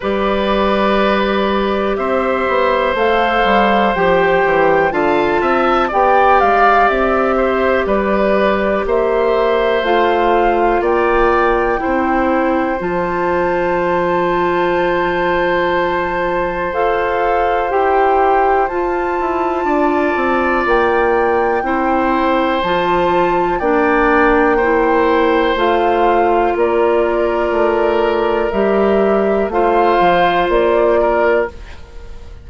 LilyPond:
<<
  \new Staff \with { instrumentName = "flute" } { \time 4/4 \tempo 4 = 61 d''2 e''4 f''4 | g''4 a''4 g''8 f''8 e''4 | d''4 e''4 f''4 g''4~ | g''4 a''2.~ |
a''4 f''4 g''4 a''4~ | a''4 g''2 a''4 | g''2 f''4 d''4~ | d''4 e''4 f''4 d''4 | }
  \new Staff \with { instrumentName = "oboe" } { \time 4/4 b'2 c''2~ | c''4 f''8 e''8 d''4. c''8 | b'4 c''2 d''4 | c''1~ |
c''1 | d''2 c''2 | d''4 c''2 ais'4~ | ais'2 c''4. ais'8 | }
  \new Staff \with { instrumentName = "clarinet" } { \time 4/4 g'2. a'4 | g'4 f'4 g'2~ | g'2 f'2 | e'4 f'2.~ |
f'4 a'4 g'4 f'4~ | f'2 e'4 f'4 | d'4 e'4 f'2~ | f'4 g'4 f'2 | }
  \new Staff \with { instrumentName = "bassoon" } { \time 4/4 g2 c'8 b8 a8 g8 | f8 e8 d8 c'8 b8 gis8 c'4 | g4 ais4 a4 ais4 | c'4 f2.~ |
f4 f'4 e'4 f'8 e'8 | d'8 c'8 ais4 c'4 f4 | ais2 a4 ais4 | a4 g4 a8 f8 ais4 | }
>>